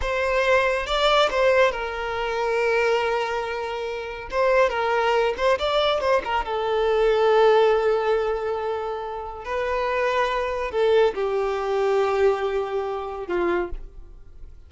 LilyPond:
\new Staff \with { instrumentName = "violin" } { \time 4/4 \tempo 4 = 140 c''2 d''4 c''4 | ais'1~ | ais'2 c''4 ais'4~ | ais'8 c''8 d''4 c''8 ais'8 a'4~ |
a'1~ | a'2 b'2~ | b'4 a'4 g'2~ | g'2. f'4 | }